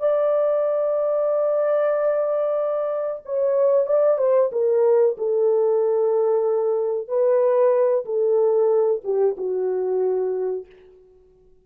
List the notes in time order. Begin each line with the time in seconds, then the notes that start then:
0.00 D5
3.26 C#5
3.87 D5
4.18 C5
4.52 A#4
5.18 A4
7.09 B4
8.06 A4
9.04 G4
9.38 F#4